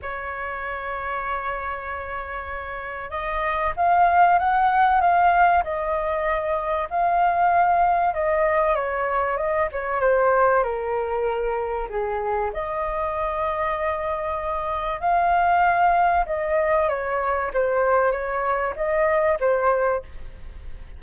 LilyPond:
\new Staff \with { instrumentName = "flute" } { \time 4/4 \tempo 4 = 96 cis''1~ | cis''4 dis''4 f''4 fis''4 | f''4 dis''2 f''4~ | f''4 dis''4 cis''4 dis''8 cis''8 |
c''4 ais'2 gis'4 | dis''1 | f''2 dis''4 cis''4 | c''4 cis''4 dis''4 c''4 | }